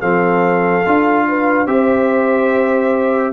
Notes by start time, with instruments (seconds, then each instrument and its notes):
0.00 tuba F3, trombone C4, horn A4, trumpet F5
0.86 tuba D4, trombone F4
1.28 horn B4
1.66 tuba C4, trombone G4, horn C5, trumpet E5